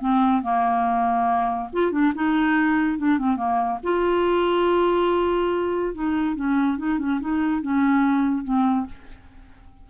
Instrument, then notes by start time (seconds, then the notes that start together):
clarinet
0.00 C4
0.42 A#3
1.73 F4
1.91 D4
2.15 D#4
2.98 D4
3.18 C4
3.36 A#3
3.83 F4
5.94 D#4
6.36 C#4
6.78 D#4
6.99 C#4
7.21 D#4
7.62 C#4
8.44 C4